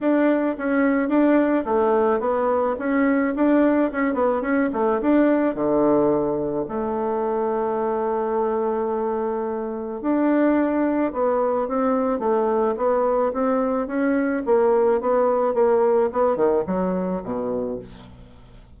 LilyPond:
\new Staff \with { instrumentName = "bassoon" } { \time 4/4 \tempo 4 = 108 d'4 cis'4 d'4 a4 | b4 cis'4 d'4 cis'8 b8 | cis'8 a8 d'4 d2 | a1~ |
a2 d'2 | b4 c'4 a4 b4 | c'4 cis'4 ais4 b4 | ais4 b8 dis8 fis4 b,4 | }